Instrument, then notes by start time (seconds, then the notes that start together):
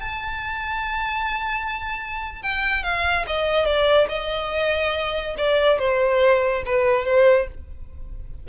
violin
0.00 A5
2.42 G5
2.83 F5
3.27 D#5
3.65 D5
4.09 D#5
5.38 D5
5.79 C5
6.65 B4
7.05 C5